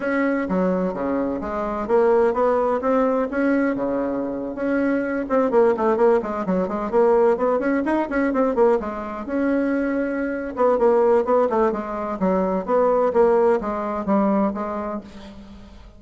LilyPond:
\new Staff \with { instrumentName = "bassoon" } { \time 4/4 \tempo 4 = 128 cis'4 fis4 cis4 gis4 | ais4 b4 c'4 cis'4 | cis4.~ cis16 cis'4. c'8 ais16~ | ais16 a8 ais8 gis8 fis8 gis8 ais4 b16~ |
b16 cis'8 dis'8 cis'8 c'8 ais8 gis4 cis'16~ | cis'2~ cis'8 b8 ais4 | b8 a8 gis4 fis4 b4 | ais4 gis4 g4 gis4 | }